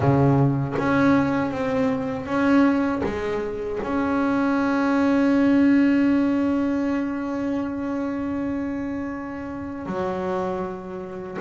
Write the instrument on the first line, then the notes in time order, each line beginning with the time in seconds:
double bass
0.00 C#3
0.78 C#4
1.51 C4
2.25 C#4
3.03 G#3
3.83 C#4
9.85 F#3